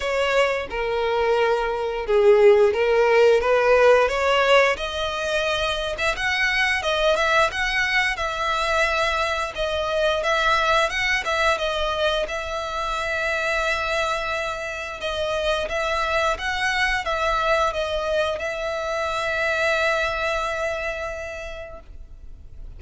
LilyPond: \new Staff \with { instrumentName = "violin" } { \time 4/4 \tempo 4 = 88 cis''4 ais'2 gis'4 | ais'4 b'4 cis''4 dis''4~ | dis''8. e''16 fis''4 dis''8 e''8 fis''4 | e''2 dis''4 e''4 |
fis''8 e''8 dis''4 e''2~ | e''2 dis''4 e''4 | fis''4 e''4 dis''4 e''4~ | e''1 | }